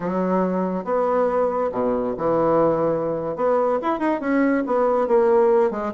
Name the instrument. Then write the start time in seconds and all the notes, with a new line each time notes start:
bassoon
0.00 F#3
0.84 B3
1.71 B2
2.17 E3
3.36 B3
3.81 E4
3.99 D#4
4.20 C#4
4.66 B3
5.07 A#3
5.70 G#3